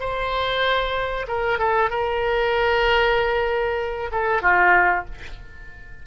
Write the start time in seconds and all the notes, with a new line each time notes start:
0.00 C5
1.28 A#4
1.59 A4
1.90 A#4
4.12 A4
4.42 F4